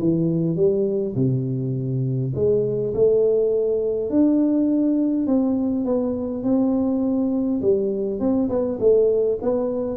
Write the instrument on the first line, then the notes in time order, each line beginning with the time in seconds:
tuba
0.00 E3
0.57 G3
1.16 C3
2.35 G#3
2.95 A3
4.10 D4
5.27 C4
5.85 B3
6.44 C4
7.61 G3
8.20 C4
8.50 B3
8.80 A3
9.42 B3